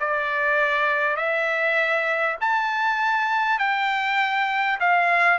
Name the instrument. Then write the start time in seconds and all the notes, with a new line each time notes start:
trumpet
0.00 D5
1.16 E5
2.41 A5
3.59 G5
4.80 F5